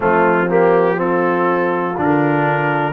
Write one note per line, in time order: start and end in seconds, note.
0.00 1.98 F3
0.00 0.46 A3
0.00 0.96 C4
0.00 0.50 F4
0.49 0.96 A#3
0.49 0.99 G4
0.96 1.94 C4
0.96 2.93 F4
0.96 1.98 A4
1.97 2.93 D3
1.97 2.93 D4
1.97 2.93 A#4